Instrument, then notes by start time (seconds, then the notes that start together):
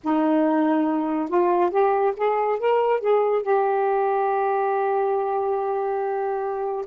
saxophone
0.04 D#4
1.28 F4
1.70 G4
2.17 G#4
2.59 A#4
3.00 G#4
3.42 G4